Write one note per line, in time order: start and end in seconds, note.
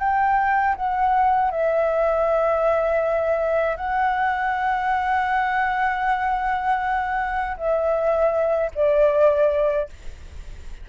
0.00 0.76 G5
0.76 1.52 F#5
1.52 3.77 E5
3.77 7.57 F#5
7.57 8.71 E5
8.75 9.89 D5